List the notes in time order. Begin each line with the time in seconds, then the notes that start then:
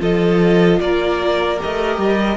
0.00 F3 F4 A4 D#5
0.81 A#3 A#4 D5
1.58 G4 D#5
1.65 A3
1.98 G3